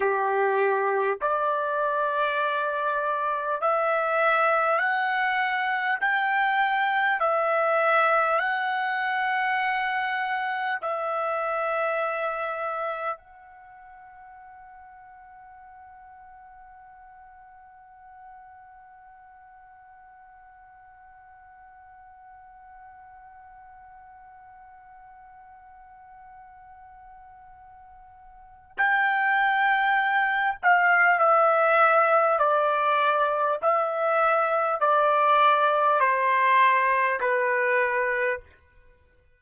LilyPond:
\new Staff \with { instrumentName = "trumpet" } { \time 4/4 \tempo 4 = 50 g'4 d''2 e''4 | fis''4 g''4 e''4 fis''4~ | fis''4 e''2 fis''4~ | fis''1~ |
fis''1~ | fis''1 | g''4. f''8 e''4 d''4 | e''4 d''4 c''4 b'4 | }